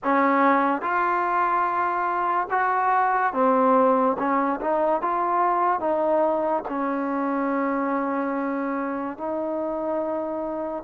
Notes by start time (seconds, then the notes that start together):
0.03 C#4
0.81 F4
2.50 F#4
3.33 C4
4.18 C#4
4.61 D#4
5.01 F4
5.80 D#4
6.68 C#4
9.17 D#4